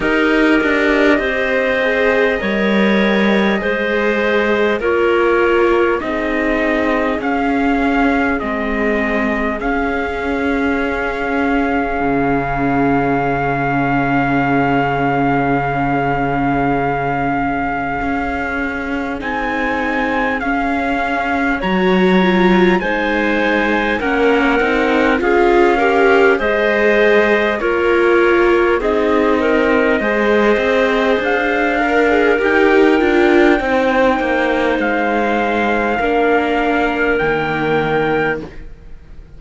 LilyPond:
<<
  \new Staff \with { instrumentName = "trumpet" } { \time 4/4 \tempo 4 = 50 dis''1 | cis''4 dis''4 f''4 dis''4 | f''1~ | f''1 |
gis''4 f''4 ais''4 gis''4 | fis''4 f''4 dis''4 cis''4 | dis''2 f''4 g''4~ | g''4 f''2 g''4 | }
  \new Staff \with { instrumentName = "clarinet" } { \time 4/4 ais'4 c''4 cis''4 c''4 | ais'4 gis'2.~ | gis'1~ | gis'1~ |
gis'2 cis''4 c''4 | ais'4 gis'8 ais'8 c''4 ais'4 | gis'8 ais'8 c''4. ais'4. | c''2 ais'2 | }
  \new Staff \with { instrumentName = "viola" } { \time 4/4 g'4. gis'8 ais'4 gis'4 | f'4 dis'4 cis'4 c'4 | cis'1~ | cis'1 |
dis'4 cis'4 fis'8 f'8 dis'4 | cis'8 dis'8 f'8 g'8 gis'4 f'4 | dis'4 gis'4. ais'16 gis'16 g'8 f'8 | dis'2 d'4 ais4 | }
  \new Staff \with { instrumentName = "cello" } { \time 4/4 dis'8 d'8 c'4 g4 gis4 | ais4 c'4 cis'4 gis4 | cis'2 cis2~ | cis2. cis'4 |
c'4 cis'4 fis4 gis4 | ais8 c'8 cis'4 gis4 ais4 | c'4 gis8 c'8 d'4 dis'8 d'8 | c'8 ais8 gis4 ais4 dis4 | }
>>